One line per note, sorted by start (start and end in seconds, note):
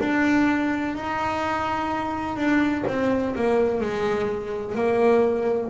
0.00 0.95 D4
0.95 2.36 D#4
2.36 2.84 D4
2.87 3.35 C4
3.35 3.81 A#3
3.81 4.75 G#3
4.75 5.70 A#3